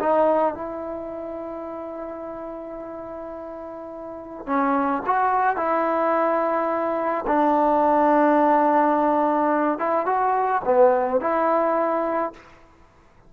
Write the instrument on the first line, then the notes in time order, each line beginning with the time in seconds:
trombone
0.00 D#4
0.55 E4
4.47 C#4
5.06 F#4
5.57 E4
7.27 D4
9.79 E4
10.06 F#4
10.65 B3
11.21 E4